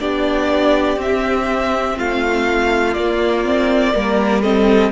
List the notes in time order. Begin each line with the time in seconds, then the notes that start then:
0.00 B3 D4 G4 D5
0.97 C4 E5
1.97 A3 F4 F5
2.94 A#3 D5
3.45 C4
3.93 G3 A#3 A#4
4.43 C4 A4 D#5